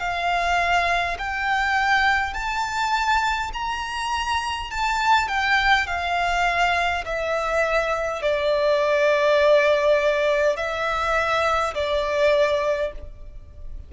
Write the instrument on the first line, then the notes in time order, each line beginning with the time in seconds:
violin
0.00 F5
1.19 G5
2.34 A5
3.53 A#5
4.71 A5
5.29 G5
5.87 F5
7.06 E5
8.22 D5
10.57 E5
11.75 D5